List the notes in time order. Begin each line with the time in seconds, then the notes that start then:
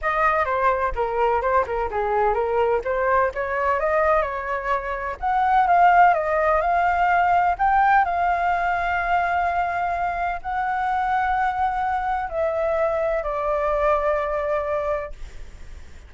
0.01 D#5
0.45 C5
0.95 A#4
1.41 C5
1.66 A#4
1.90 G#4
2.34 A#4
2.84 C5
3.34 C#5
3.79 D#5
4.22 C#5
5.20 F#5
5.67 F5
6.14 D#5
6.61 F5
7.58 G5
8.04 F5
10.42 F#5
12.29 E5
13.23 D5